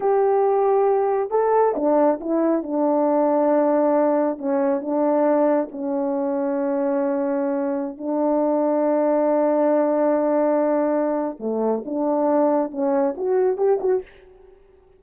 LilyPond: \new Staff \with { instrumentName = "horn" } { \time 4/4 \tempo 4 = 137 g'2. a'4 | d'4 e'4 d'2~ | d'2 cis'4 d'4~ | d'4 cis'2.~ |
cis'2~ cis'16 d'4.~ d'16~ | d'1~ | d'2 a4 d'4~ | d'4 cis'4 fis'4 g'8 fis'8 | }